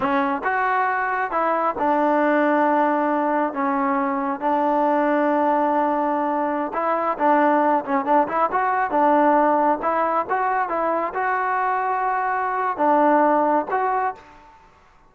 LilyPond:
\new Staff \with { instrumentName = "trombone" } { \time 4/4 \tempo 4 = 136 cis'4 fis'2 e'4 | d'1 | cis'2 d'2~ | d'2.~ d'16 e'8.~ |
e'16 d'4. cis'8 d'8 e'8 fis'8.~ | fis'16 d'2 e'4 fis'8.~ | fis'16 e'4 fis'2~ fis'8.~ | fis'4 d'2 fis'4 | }